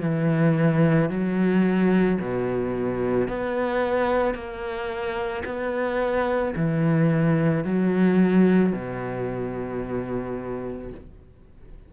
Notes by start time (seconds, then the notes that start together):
0.00 E3
1.09 F#3
2.20 B2
3.27 B3
4.34 A#3
5.44 B3
6.56 E3
7.64 F#3
8.73 B2